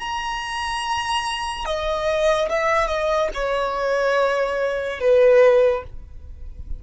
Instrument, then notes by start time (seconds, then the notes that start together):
violin
0.00 A#5
1.66 D#5
2.50 E5
2.87 D#5
3.34 C#5
5.00 B4